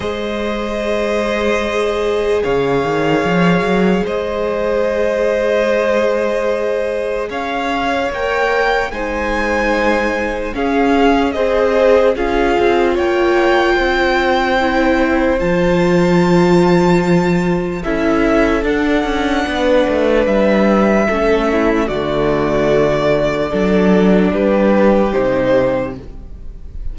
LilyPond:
<<
  \new Staff \with { instrumentName = "violin" } { \time 4/4 \tempo 4 = 74 dis''2. f''4~ | f''4 dis''2.~ | dis''4 f''4 g''4 gis''4~ | gis''4 f''4 dis''4 f''4 |
g''2. a''4~ | a''2 e''4 fis''4~ | fis''4 e''2 d''4~ | d''2 b'4 c''4 | }
  \new Staff \with { instrumentName = "violin" } { \time 4/4 c''2. cis''4~ | cis''4 c''2.~ | c''4 cis''2 c''4~ | c''4 gis'4 c''4 gis'4 |
cis''4 c''2.~ | c''2 a'2 | b'2 a'8 e'8 fis'4~ | fis'4 a'4 g'2 | }
  \new Staff \with { instrumentName = "viola" } { \time 4/4 gis'1~ | gis'1~ | gis'2 ais'4 dis'4~ | dis'4 cis'4 gis'4 f'4~ |
f'2 e'4 f'4~ | f'2 e'4 d'4~ | d'2 cis'4 a4~ | a4 d'2 dis'4 | }
  \new Staff \with { instrumentName = "cello" } { \time 4/4 gis2. cis8 dis8 | f8 fis8 gis2.~ | gis4 cis'4 ais4 gis4~ | gis4 cis'4 c'4 cis'8 c'8 |
ais4 c'2 f4~ | f2 cis'4 d'8 cis'8 | b8 a8 g4 a4 d4~ | d4 fis4 g4 c4 | }
>>